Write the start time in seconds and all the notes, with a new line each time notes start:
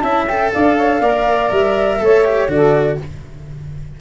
0.00 C#4 E4 E5 A5
0.28 A4 G5
0.53 D4 D5 F5
0.77 C#5
1.00 A#3 A#4 D5
1.51 G3 E5
2.01 A3 A4 C#5
2.25 G4
2.48 D3 F#4 A4 D5